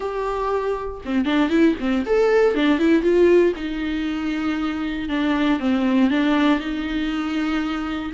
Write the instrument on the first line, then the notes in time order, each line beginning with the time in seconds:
viola
0.00 G4
1.05 C4
1.25 D4
1.49 E4
1.79 C4
2.06 A4
2.54 D4
2.78 E4
3.02 F4
3.56 D#4
5.08 D4
5.59 C4
6.10 D4
6.59 D#4